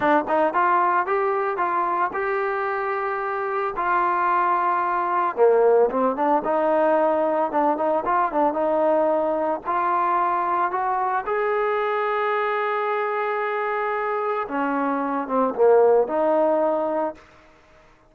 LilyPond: \new Staff \with { instrumentName = "trombone" } { \time 4/4 \tempo 4 = 112 d'8 dis'8 f'4 g'4 f'4 | g'2. f'4~ | f'2 ais4 c'8 d'8 | dis'2 d'8 dis'8 f'8 d'8 |
dis'2 f'2 | fis'4 gis'2.~ | gis'2. cis'4~ | cis'8 c'8 ais4 dis'2 | }